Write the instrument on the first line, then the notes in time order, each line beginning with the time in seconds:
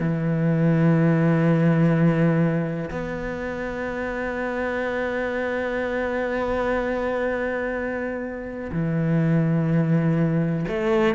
cello
0.00 E3
2.91 B3
8.72 E3
10.68 A3